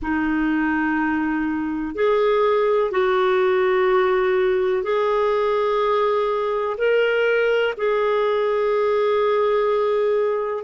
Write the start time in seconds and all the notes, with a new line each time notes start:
0.02 D#4
1.94 G#4
2.91 F#4
4.83 G#4
6.77 A#4
7.77 G#4